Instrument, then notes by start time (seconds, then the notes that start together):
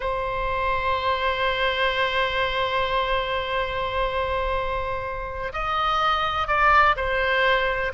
oboe
0.00 C5
5.52 D#5
6.47 D5
6.96 C5